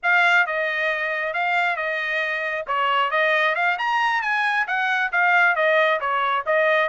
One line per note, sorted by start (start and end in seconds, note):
0.02 0.46 F5
0.46 1.33 D#5
1.33 1.76 F5
1.76 2.65 D#5
2.67 3.11 C#5
3.11 3.55 D#5
3.55 3.77 F5
3.78 4.22 A#5
4.22 4.66 G#5
4.67 5.11 F#5
5.12 5.55 F5
5.55 6.00 D#5
6.00 6.44 C#5
6.45 6.89 D#5